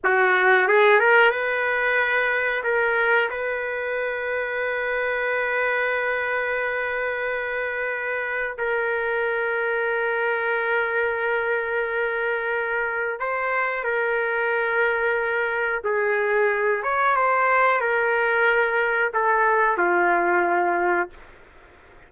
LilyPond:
\new Staff \with { instrumentName = "trumpet" } { \time 4/4 \tempo 4 = 91 fis'4 gis'8 ais'8 b'2 | ais'4 b'2.~ | b'1~ | b'4 ais'2.~ |
ais'1 | c''4 ais'2. | gis'4. cis''8 c''4 ais'4~ | ais'4 a'4 f'2 | }